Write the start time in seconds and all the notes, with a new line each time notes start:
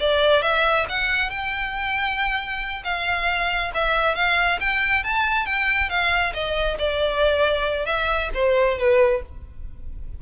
0.00 D5
0.42 E5
0.89 F#5
1.30 G5
2.84 F5
3.74 E5
4.15 F5
4.60 G5
5.04 A5
5.46 G5
5.90 F5
6.34 D#5
6.79 D5
7.86 E5
8.35 C5
8.79 B4